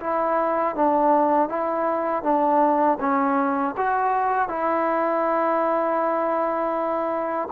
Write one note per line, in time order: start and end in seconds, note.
0.00 0.75 E4
0.75 1.49 D4
1.49 2.23 E4
2.23 2.98 D4
3.00 3.75 C#4
3.77 4.48 F#4
4.48 7.48 E4